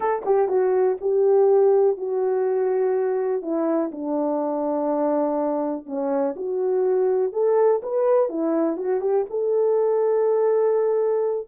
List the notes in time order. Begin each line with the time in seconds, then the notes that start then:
0.00 A4
0.25 G4
0.48 F#4
1.00 G4
1.97 F#4
3.41 E4
3.91 D4
5.86 C#4
6.35 F#4
7.32 A4
7.82 B4
8.29 E4
8.76 F#4
9.00 G4
9.30 A4